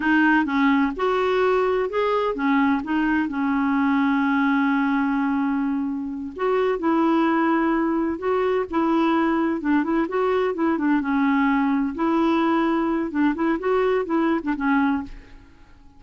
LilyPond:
\new Staff \with { instrumentName = "clarinet" } { \time 4/4 \tempo 4 = 128 dis'4 cis'4 fis'2 | gis'4 cis'4 dis'4 cis'4~ | cis'1~ | cis'4. fis'4 e'4.~ |
e'4. fis'4 e'4.~ | e'8 d'8 e'8 fis'4 e'8 d'8 cis'8~ | cis'4. e'2~ e'8 | d'8 e'8 fis'4 e'8. d'16 cis'4 | }